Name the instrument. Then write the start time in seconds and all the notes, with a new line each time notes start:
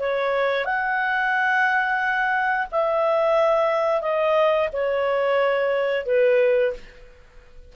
clarinet
0.00 C#5
0.65 F#5
2.72 E5
4.02 D#5
4.73 C#5
6.06 B4